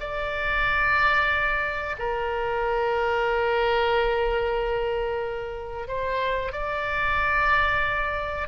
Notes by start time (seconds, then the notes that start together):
0.00 D5
1.98 A#4
5.87 C5
6.52 D5